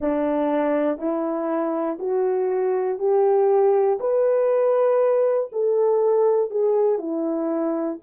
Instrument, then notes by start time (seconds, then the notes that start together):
horn
0.00 D4
0.97 E4
1.99 F#4
2.99 G4
4.00 B4
5.51 A4
6.50 G#4
6.98 E4